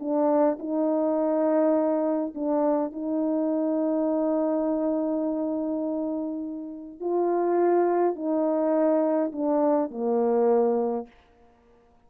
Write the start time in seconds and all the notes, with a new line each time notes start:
0.00 D4
0.59 D#4
2.35 D4
2.92 D#4
7.00 F4
8.16 D#4
9.33 D4
9.91 A#3